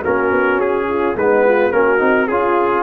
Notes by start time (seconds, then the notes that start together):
0.00 A#3 C#4 F#4 A#4
0.30 B3
0.57 C#4 G#4
0.88 F4
1.15 G#3 B3 D#4 B4
1.44 F4
1.72 A#3 C#4 F#4 A#4
1.98 C4 D#4
2.28 C#4 F4 G#4